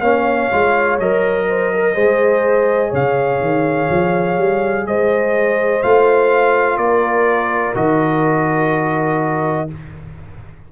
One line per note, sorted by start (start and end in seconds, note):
0.00 0.49 A#3
0.00 0.51 C#4
0.00 1.46 C#5
0.00 0.97 F5
0.51 0.99 G#3
0.51 1.00 F4
0.99 1.95 F#3
0.99 1.95 A#4
0.99 2.93 D#5
1.49 1.73 C5
1.74 1.94 A#4
1.94 2.92 G#3
1.94 5.82 G#4
1.94 2.89 C5
2.89 3.40 C#3
2.89 4.83 C#5
2.89 4.86 F5
3.40 3.89 D#3
3.89 4.37 F3
4.37 4.86 G3
4.86 5.82 G#3
4.86 6.80 C5
4.86 5.82 D#5
5.82 6.77 A3
5.82 7.74 F4
5.82 6.77 F5
6.77 7.74 A#3
6.77 9.72 A#4
6.77 7.74 D5
7.74 9.69 D#3
7.74 9.68 F#4
7.74 9.69 D#5